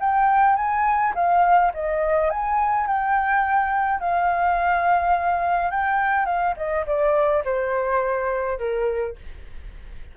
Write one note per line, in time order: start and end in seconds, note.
0.00 0.56 G5
0.56 1.13 G#5
1.15 1.72 F5
1.74 2.30 D#5
2.30 2.86 G#5
2.86 4.00 G5
4.00 5.71 F5
5.71 6.25 G5
6.25 6.54 F5
6.56 6.85 D#5
6.86 7.43 D5
7.45 8.58 C5
8.58 9.16 A#4